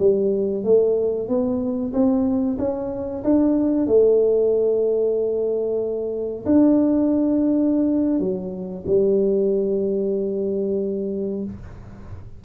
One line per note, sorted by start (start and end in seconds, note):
0.00 0.65 G3
0.65 1.29 A3
1.29 1.93 B3
1.94 2.58 C4
2.59 3.23 C#4
3.24 3.87 D4
3.87 6.45 A3
6.46 8.20 D4
8.20 8.84 F#3
8.87 11.45 G3